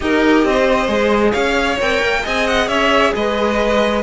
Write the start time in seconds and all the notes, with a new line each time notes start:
0.00 D#4 G4 A#4 D#5
0.43 C4 C5
0.88 G#3 G#4
1.31 C#4 C#5 F5
1.80 C4 A#4 G5
2.02 A#3
2.22 C4 G#4 D#5 G#5
2.47 F#5
2.67 C#4 C#5 E5
3.15 G#3 B4 D#5